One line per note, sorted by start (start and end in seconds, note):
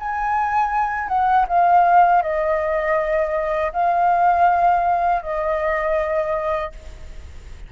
0.00 1.09 G#5
1.09 1.46 F#5
1.49 2.23 F5
2.23 3.73 D#5
3.73 5.23 F5
5.23 6.73 D#5